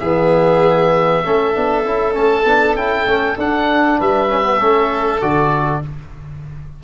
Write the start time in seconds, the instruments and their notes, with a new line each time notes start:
0.00 tuba E3, trombone B3, violin G#4, oboe E5
1.25 tuba A3, trombone C#4, violin A4
1.54 tuba B3, trombone D4
1.85 tuba C#4, trombone E4
2.13 tuba A3, trombone C#4, oboe A5
2.46 tuba B3, trombone D4
2.76 tuba C#4, trombone E4, oboe G5
3.07 tuba A3, trombone C#4
3.38 tuba D4, trombone D4, oboe F#5
3.99 tuba G3, violin B4, oboe E5
4.29 trombone C#4
4.42 trombone B3
4.59 tuba A3, trombone C#4, violin A4
5.21 tuba D3, trombone F#4, oboe D5